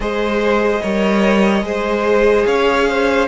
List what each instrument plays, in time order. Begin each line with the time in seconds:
0.00 cello G#3, viola G#4, violin C5 D#5
0.82 cello G3, viola A#4, violin C#5
1.62 cello G#3, viola G#4, violin C5
2.45 cello C#4, violin C#5 F5
2.88 violin C5